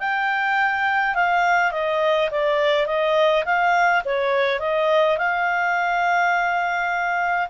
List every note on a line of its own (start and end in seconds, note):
0.00 1.15 G5
1.15 1.72 F5
1.72 2.30 D#5
2.31 2.87 D5
2.87 3.44 D#5
3.45 4.03 F5
4.05 4.60 C#5
4.60 5.18 D#5
5.18 7.49 F5